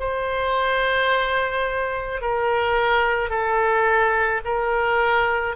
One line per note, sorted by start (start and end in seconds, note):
0.00 2.22 C5
2.22 3.30 A#4
3.30 4.41 A4
4.45 5.56 A#4